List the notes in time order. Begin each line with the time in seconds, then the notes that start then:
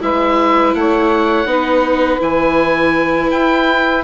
0.00 G#3 E4 B4 E5
0.74 A3 C#5 F#5
1.45 B3 D#4 B4
2.19 E3 E4 G#5
3.31 E4 G5